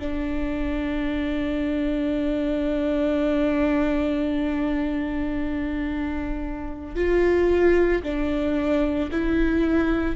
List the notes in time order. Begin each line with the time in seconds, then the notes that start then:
0.00 D4
6.96 F4
8.03 D4
9.12 E4